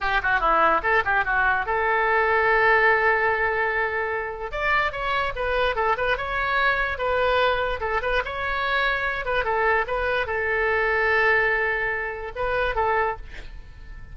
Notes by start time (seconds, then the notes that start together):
0.00 G4
0.22 F#4
0.40 E4
0.82 A4
1.05 G4
1.24 F#4
1.66 A4
4.51 D5
4.91 C#5
5.35 B4
5.75 A4
5.97 B4
6.17 C#5
6.98 B4
7.80 A4
8.02 B4
8.25 C#5
9.25 B4
9.44 A4
9.87 B4
10.26 A4
12.35 B4
12.75 A4